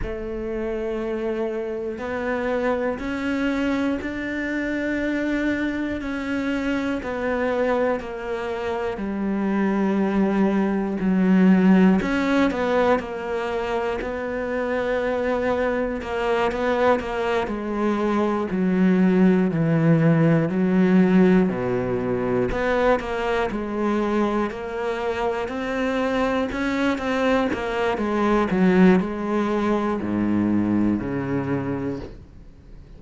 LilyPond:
\new Staff \with { instrumentName = "cello" } { \time 4/4 \tempo 4 = 60 a2 b4 cis'4 | d'2 cis'4 b4 | ais4 g2 fis4 | cis'8 b8 ais4 b2 |
ais8 b8 ais8 gis4 fis4 e8~ | e8 fis4 b,4 b8 ais8 gis8~ | gis8 ais4 c'4 cis'8 c'8 ais8 | gis8 fis8 gis4 gis,4 cis4 | }